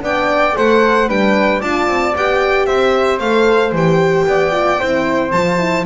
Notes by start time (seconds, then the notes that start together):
0.00 B3 D4 D5 G5
0.56 A3 A4 C5 F#5
1.08 G3 D4 B4 G5
1.60 D4 F4 D5 A5
1.87 C4
2.16 B3 G4 G5
2.66 C4 C5 E5
3.19 A3 A4 F5
3.72 E3 G4 G5
4.27 B3 D5
4.52 F4
4.79 C4 E4 C5
5.32 F3 F4 A5
5.59 E4